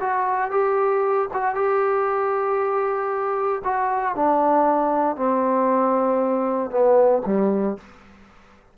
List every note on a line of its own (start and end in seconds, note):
0.00 0.51 F#4
0.51 1.28 G4
1.33 1.55 F#4
1.55 3.62 G4
3.64 4.15 F#4
4.15 5.16 D4
5.16 6.70 C4
6.70 7.22 B3
7.25 7.77 G3